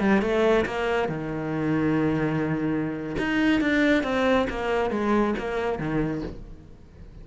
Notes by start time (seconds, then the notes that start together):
0.00 G3
0.21 A3
0.66 A#3
1.08 D#3
3.18 D#4
3.61 D4
4.03 C4
4.50 A#3
4.91 G#3
5.38 A#3
5.79 D#3